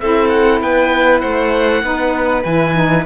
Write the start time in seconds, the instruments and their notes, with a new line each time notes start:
0.00 cello C4, saxophone E4, violin A4, oboe E5
0.29 oboe F#5
0.61 cello B3, violin B4, oboe G5
1.21 cello A3, violin C5, oboe F#5
1.82 cello B3, saxophone D#4, violin B4
2.44 cello E3, saxophone E4, oboe G#5
2.74 saxophone D#4